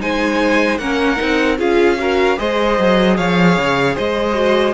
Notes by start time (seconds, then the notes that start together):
0.00 G#3 D#4 C5 G#5
0.79 A#3 C#4 A#4 F#5
1.17 C4 D#4
1.59 C#4 F4 G#4 F5
2.00 F#4 A#4
2.37 G#3 G#4 C5 D#5
2.79 F#3
3.17 F3 C#5 F5
3.57 C#3
3.95 G#3 C5 D#5
4.34 F#4